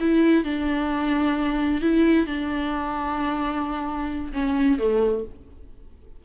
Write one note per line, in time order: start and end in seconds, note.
0.00 0.44 E4
0.44 1.81 D4
1.81 2.26 E4
2.26 4.32 D4
4.33 4.79 C#4
4.79 5.25 A3